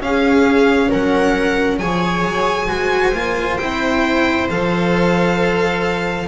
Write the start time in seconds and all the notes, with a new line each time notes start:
0.00 C#4 G#4 F5
0.90 F#3 A#4 F#5
1.79 F3 G#4 C#5 G#5
2.26 F#3
2.67 G#3 F#4 C5
3.14 A#3 F4
3.58 C4 E4 G5
4.50 F3 A4 F5